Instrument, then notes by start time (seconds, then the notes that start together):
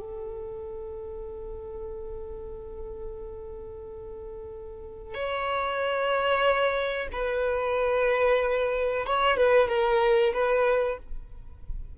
violin
0.00 A4
5.14 C#5
7.13 B4
9.06 C#5
9.37 B4
9.69 A#4
10.34 B4